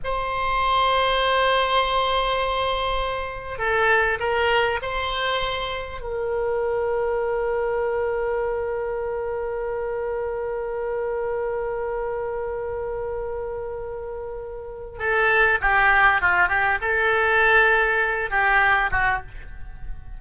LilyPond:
\new Staff \with { instrumentName = "oboe" } { \time 4/4 \tempo 4 = 100 c''1~ | c''2 a'4 ais'4 | c''2 ais'2~ | ais'1~ |
ais'1~ | ais'1~ | ais'4 a'4 g'4 f'8 g'8 | a'2~ a'8 g'4 fis'8 | }